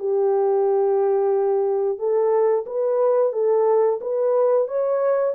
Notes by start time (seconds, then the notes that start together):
0.00 G4
1.99 A4
2.67 B4
3.33 A4
4.02 B4
4.68 C#5